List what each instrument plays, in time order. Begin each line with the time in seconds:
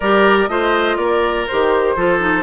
0.00 bassoon G3, clarinet G4, oboe A#4, flute D5
0.48 bassoon A3, clarinet F4, oboe C5, flute D#5
0.96 bassoon A#3, oboe A#4, flute D5
1.47 bassoon D#3, clarinet G4, flute C5
1.95 bassoon F3, clarinet F4, oboe A4
2.20 clarinet D#4